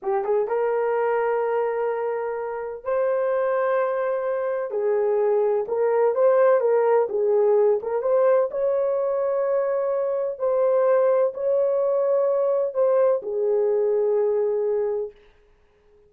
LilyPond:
\new Staff \with { instrumentName = "horn" } { \time 4/4 \tempo 4 = 127 g'8 gis'8 ais'2.~ | ais'2 c''2~ | c''2 gis'2 | ais'4 c''4 ais'4 gis'4~ |
gis'8 ais'8 c''4 cis''2~ | cis''2 c''2 | cis''2. c''4 | gis'1 | }